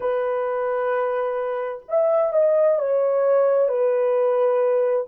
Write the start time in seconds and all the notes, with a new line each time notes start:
0.00 B4
1.88 E5
2.32 D#5
2.79 C#5
3.68 B4